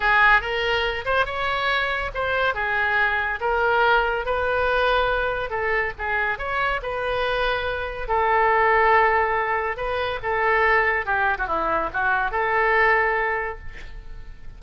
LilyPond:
\new Staff \with { instrumentName = "oboe" } { \time 4/4 \tempo 4 = 141 gis'4 ais'4. c''8 cis''4~ | cis''4 c''4 gis'2 | ais'2 b'2~ | b'4 a'4 gis'4 cis''4 |
b'2. a'4~ | a'2. b'4 | a'2 g'8. fis'16 e'4 | fis'4 a'2. | }